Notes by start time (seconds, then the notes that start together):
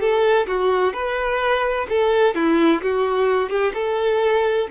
0.00 A4
0.47 F#4
0.93 B4
1.89 A4
2.35 E4
2.82 F#4
3.49 G4
3.74 A4